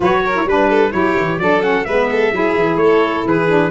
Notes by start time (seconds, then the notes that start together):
0.00 F#3 F#4 B4 C#5
0.25 A#4
0.34 E4
0.44 G3 D4 B4
0.69 A4
0.92 F#3 E4 G4 C#5
1.16 E3
1.38 F#3 D4 A4 D5
1.61 C#4 F#5
1.85 G#3 B3 B4 E5
2.11 A4
2.31 F#3 E4 G#4
2.56 E3
2.76 A3 C#5
2.83 A4
3.25 E3 G#4 B4
3.47 D4